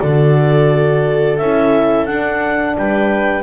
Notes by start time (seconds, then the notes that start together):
0.00 D3 F#4 A4 D5
1.37 C#4 E4 E5
2.06 D4 F#5
2.78 G3 B4 G5